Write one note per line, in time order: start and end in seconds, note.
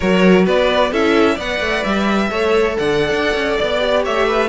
0.00 0.46 F#3
0.00 0.92 F#4
0.00 0.44 A#4
0.00 0.45 C#5
0.44 0.91 B3
0.44 0.90 B4
0.44 0.92 D5
0.91 1.38 C#4
0.91 1.38 E4
0.91 1.34 A4
0.91 1.39 E5
1.34 1.60 B3
1.34 2.30 B4
1.34 2.27 D5
1.34 1.84 F#5
1.60 1.83 A3
1.84 2.31 G3
1.84 2.76 E5
2.30 2.77 A3
2.30 3.80 A4
2.30 2.76 C#5
2.77 3.10 D3
2.77 4.03 D5
2.77 3.57 F#5
3.10 3.33 D4
3.34 3.57 C#4
3.57 4.06 B3
3.57 4.03 D5
3.80 4.48 G4
4.03 4.48 A3
4.03 4.26 C#5
4.03 4.48 E5
4.26 4.48 B4